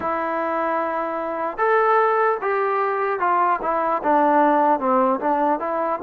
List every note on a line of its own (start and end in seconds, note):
0.00 1.57 E4
1.57 2.37 A4
2.41 3.19 G4
3.19 3.59 F4
3.61 4.01 E4
4.03 4.79 D4
4.79 5.19 C4
5.20 5.59 D4
5.59 5.99 E4